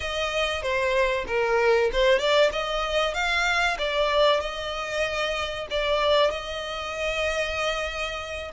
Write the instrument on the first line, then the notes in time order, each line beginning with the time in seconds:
violin
0.00 D#5
0.62 C5
1.27 A#4
1.92 C5
2.18 D5
2.52 D#5
3.14 F5
3.78 D5
4.40 D#5
5.70 D5
6.30 D#5